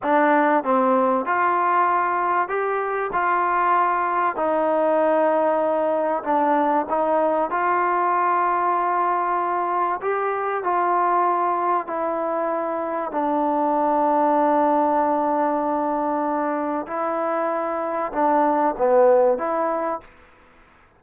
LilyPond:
\new Staff \with { instrumentName = "trombone" } { \time 4/4 \tempo 4 = 96 d'4 c'4 f'2 | g'4 f'2 dis'4~ | dis'2 d'4 dis'4 | f'1 |
g'4 f'2 e'4~ | e'4 d'2.~ | d'2. e'4~ | e'4 d'4 b4 e'4 | }